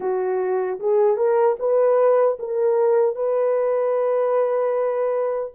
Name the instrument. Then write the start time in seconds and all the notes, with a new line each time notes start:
horn
0.00 F#4
0.79 G#4
1.16 A#4
1.59 B4
2.39 A#4
3.15 B4